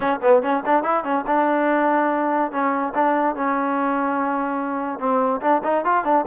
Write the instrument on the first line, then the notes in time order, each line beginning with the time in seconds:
trombone
0.00 C#4
0.22 B3
0.42 C#4
0.65 D4
0.83 E4
1.04 C#4
1.27 D4
2.51 C#4
2.94 D4
3.35 C#4
4.99 C4
5.41 D4
5.63 D#4
5.84 F4
6.04 D4